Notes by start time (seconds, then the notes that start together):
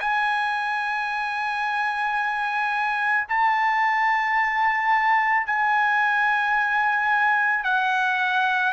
0.00 G#5
3.28 A5
5.46 G#5
7.64 F#5